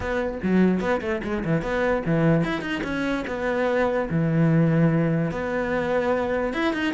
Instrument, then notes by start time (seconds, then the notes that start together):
cello
0.00 B3
0.42 F#3
0.80 B3
1.01 A3
1.23 G#3
1.44 E3
1.62 B3
2.05 E3
2.44 E4
2.61 D#4
2.83 C#4
3.27 B3
4.09 E3
5.31 B3
6.53 E4
6.73 D#4